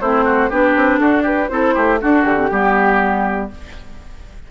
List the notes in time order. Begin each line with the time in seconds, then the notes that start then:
0.00 A3 C4 E4 C5
0.24 F#4
0.49 B3 D4 G4 B4
0.75 C4
0.98 D4 F#4 A4
1.22 G4 B4
1.49 C4 E4 A4 C5
1.74 A3 G4
2.00 D4 F#4 A4
2.23 D3 G4
2.35 C4
2.50 G3 B3 G4